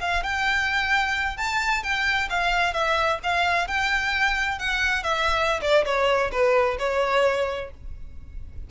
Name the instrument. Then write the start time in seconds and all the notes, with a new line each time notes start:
violin
0.00 F5
0.23 G5
1.37 A5
1.83 G5
2.29 F5
2.73 E5
3.23 F5
3.67 G5
4.58 F#5
5.03 E5
5.61 D5
5.85 C#5
6.31 B4
6.78 C#5